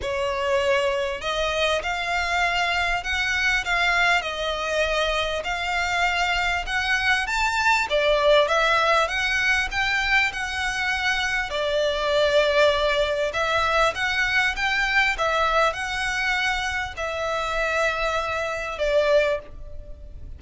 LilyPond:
\new Staff \with { instrumentName = "violin" } { \time 4/4 \tempo 4 = 99 cis''2 dis''4 f''4~ | f''4 fis''4 f''4 dis''4~ | dis''4 f''2 fis''4 | a''4 d''4 e''4 fis''4 |
g''4 fis''2 d''4~ | d''2 e''4 fis''4 | g''4 e''4 fis''2 | e''2. d''4 | }